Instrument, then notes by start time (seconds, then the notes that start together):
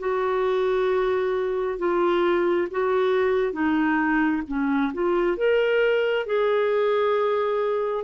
clarinet
0.00 F#4
1.79 F4
2.72 F#4
3.53 D#4
4.48 C#4
4.94 F4
5.37 A#4
6.27 G#4